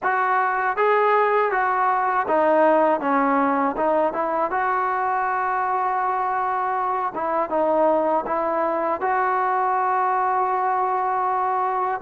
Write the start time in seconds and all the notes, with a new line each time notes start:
0.02 F#4
0.76 G#4
1.51 F#4
2.27 D#4
3.00 C#4
3.76 D#4
4.13 E4
4.50 F#4
7.15 E4
7.49 D#4
8.26 E4
9.00 F#4